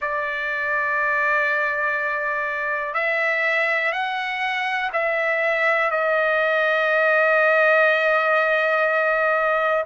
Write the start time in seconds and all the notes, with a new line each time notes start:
0.01 D5
2.93 E5
3.92 F#5
4.92 E5
5.91 D#5